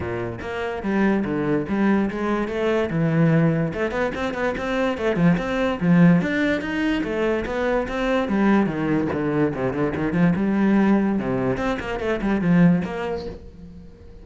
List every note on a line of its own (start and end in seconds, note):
0.00 0.39 A#2
0.41 0.82 A#3
0.82 1.24 G3
1.24 1.66 D3
1.68 2.10 G3
2.10 2.48 G#3
2.48 2.89 A3
2.90 3.72 E3
3.73 3.91 A3
3.91 4.11 B3
4.15 4.34 C4
4.34 4.54 B3
4.57 4.97 C4
4.97 5.16 A3
5.16 5.36 F3
5.37 5.79 C4
5.80 6.21 F3
6.21 6.61 D4
6.61 7.02 D#4
7.03 7.44 A3
7.45 7.87 B3
7.88 8.28 C4
8.28 8.66 G3
8.66 9.07 D#3
9.12 9.54 D3
9.54 9.73 C3
9.73 9.93 D3
9.95 10.13 D#3
10.13 10.33 F3
10.36 11.18 G3
11.18 11.57 C3
11.57 11.78 C4
11.79 11.99 A#3
11.99 12.20 A3
12.21 12.41 G3
12.41 12.82 F3
12.84 13.25 A#3